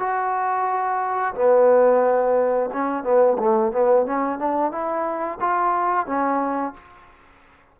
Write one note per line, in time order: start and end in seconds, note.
0.00 1.35 F#4
1.35 2.70 B3
2.74 3.04 C#4
3.04 3.38 B3
3.39 3.73 A3
3.73 4.06 B3
4.06 4.39 C#4
4.39 4.72 D4
4.72 5.39 E4
5.41 6.07 F4
6.07 6.74 C#4